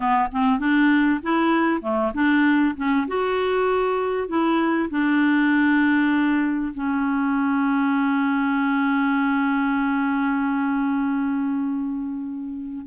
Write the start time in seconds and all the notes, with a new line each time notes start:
0.00 B3
0.32 C4
0.59 D4
1.22 E4
1.81 A3
2.13 D4
2.76 C#4
3.07 F#4
4.28 E4
4.90 D4
6.73 C#4